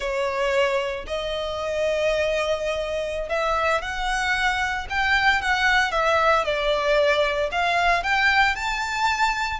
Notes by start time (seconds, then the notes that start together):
0.00 C#5
1.06 D#5
3.29 E5
3.81 F#5
4.89 G5
5.41 F#5
5.91 E5
6.44 D5
7.51 F5
8.03 G5
8.55 A5